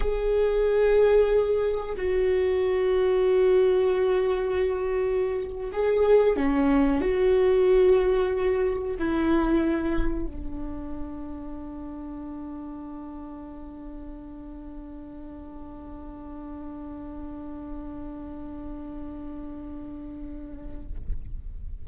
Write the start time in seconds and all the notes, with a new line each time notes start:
0.00 G#4
1.96 F#4
5.72 G#4
6.36 C#4
7.01 F#4
8.98 E4
10.26 D4